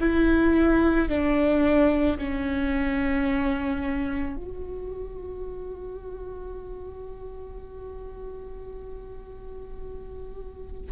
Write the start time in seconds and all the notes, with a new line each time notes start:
0.00 E4
1.09 D4
2.18 C#4
4.36 F#4